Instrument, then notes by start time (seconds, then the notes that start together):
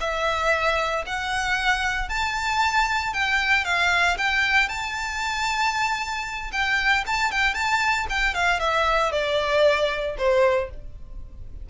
violin
0.00 E5
1.06 F#5
2.09 A5
3.13 G5
3.64 F5
4.18 G5
4.68 A5
6.52 G5
7.06 A5
7.31 G5
7.54 A5
8.09 G5
8.34 F5
8.59 E5
9.12 D5
10.17 C5